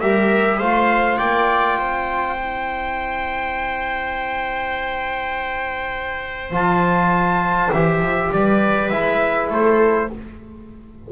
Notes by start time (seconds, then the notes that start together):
0.00 G3 G4 A#4 E5
0.58 A3 F4 C5 F5
1.17 A#3 D5 G5
1.77 C4 C5
2.37 E4
6.51 F3 F4 A5
7.72 E3 G4 E5
8.00 F3
8.31 G3 B4 D5
8.89 G#3 E4 E5
9.50 A3 A4 C5